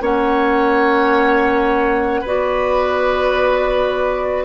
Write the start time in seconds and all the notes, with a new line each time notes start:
0.00 A#3 C#4 C#5 F#5
2.21 B3 F#4 B4 D5